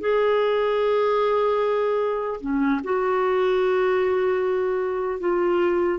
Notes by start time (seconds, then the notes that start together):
0.00 G#4
2.40 C#4
2.84 F#4
5.20 F4